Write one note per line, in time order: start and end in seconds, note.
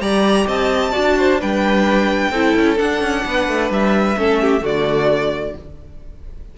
0.00 0.46 G3
0.00 0.92 G4
0.00 0.46 D5
0.00 0.46 A#5
0.46 0.92 C4
0.46 0.91 D#5
0.46 1.40 A5
0.91 1.42 D4
0.91 1.38 F#4
0.91 1.14 D5
1.17 1.40 C5
1.39 2.30 G3
1.39 2.32 D4
1.39 2.31 B4
1.39 2.78 G5
2.30 2.53 C4
2.30 2.76 E4
2.30 3.23 A4
2.55 2.79 C#4
2.76 4.15 D4
2.76 3.01 D4
2.76 3.70 F#5
3.01 3.24 C#4
3.25 3.48 B3
3.25 4.18 B4
3.48 3.70 A3
3.70 4.16 G3
3.70 4.65 E5
4.17 4.61 A3
4.17 4.60 C#4
4.17 4.41 A4
4.41 4.63 G4
4.60 5.53 D3
4.60 5.52 A3
4.60 5.55 F#4
4.60 5.57 D5